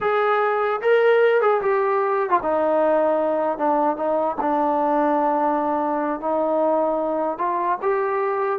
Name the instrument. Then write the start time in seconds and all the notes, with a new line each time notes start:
trombone
0.00 G#4
0.81 A#4
1.41 G#4
1.61 G4
2.29 F4
2.42 D#4
3.58 D4
3.96 D#4
4.41 D4
6.20 D#4
7.38 F4
7.81 G4